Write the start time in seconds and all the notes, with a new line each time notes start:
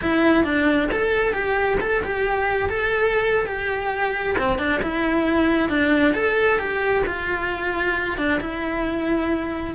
0.01 E4
0.44 D4
0.91 A4
1.33 G4
1.80 A4
2.03 G4
2.69 A4
3.46 G4
4.38 C4
4.58 D4
4.82 E4
5.69 D4
6.14 A4
6.59 G4
7.06 F4
8.17 D4
8.40 E4